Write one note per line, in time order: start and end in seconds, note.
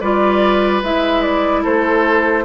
0.00 0.82 G3
0.00 0.83 F4
0.00 1.62 B4
0.00 0.81 D5
0.82 1.63 G#3
0.82 2.44 E4
0.82 1.22 E5
1.22 1.62 D5
1.62 2.44 A3
1.62 2.43 A4
1.62 2.44 C5